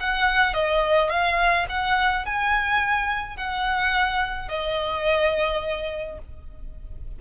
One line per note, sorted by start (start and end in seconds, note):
0.00 0.54 F#5
0.54 1.10 D#5
1.10 1.66 F5
1.69 2.25 F#5
2.25 3.37 G#5
3.37 4.49 F#5
4.49 6.19 D#5